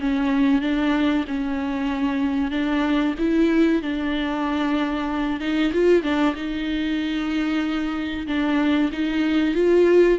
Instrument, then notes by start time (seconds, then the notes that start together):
viola
0.00 C#4
0.62 D4
1.28 C#4
2.51 D4
3.19 E4
3.82 D4
5.40 D#4
5.73 F4
6.03 D4
6.35 D#4
8.27 D4
8.92 D#4
9.55 F4